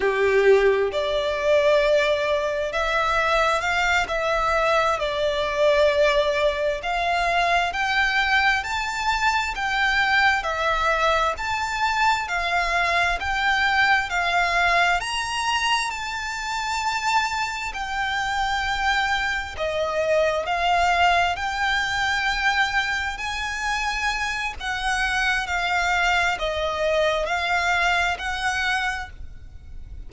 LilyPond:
\new Staff \with { instrumentName = "violin" } { \time 4/4 \tempo 4 = 66 g'4 d''2 e''4 | f''8 e''4 d''2 f''8~ | f''8 g''4 a''4 g''4 e''8~ | e''8 a''4 f''4 g''4 f''8~ |
f''8 ais''4 a''2 g''8~ | g''4. dis''4 f''4 g''8~ | g''4. gis''4. fis''4 | f''4 dis''4 f''4 fis''4 | }